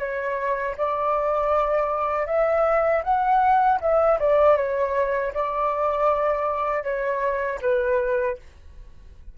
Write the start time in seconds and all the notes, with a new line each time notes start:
0.00 C#5
0.78 D5
2.27 E5
3.04 F#5
3.81 E5
4.20 D5
4.57 C#5
5.34 D5
6.84 C#5
7.62 B4